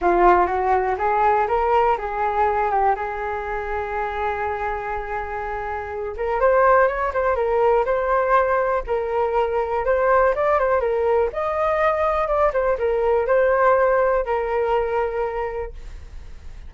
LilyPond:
\new Staff \with { instrumentName = "flute" } { \time 4/4 \tempo 4 = 122 f'4 fis'4 gis'4 ais'4 | gis'4. g'8 gis'2~ | gis'1~ | gis'8 ais'8 c''4 cis''8 c''8 ais'4 |
c''2 ais'2 | c''4 d''8 c''8 ais'4 dis''4~ | dis''4 d''8 c''8 ais'4 c''4~ | c''4 ais'2. | }